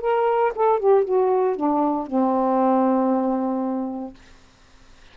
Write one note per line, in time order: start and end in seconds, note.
0.00 0.52 A#4
0.55 0.79 A4
0.79 1.04 G4
1.04 1.56 F#4
1.56 2.07 D4
2.07 4.14 C4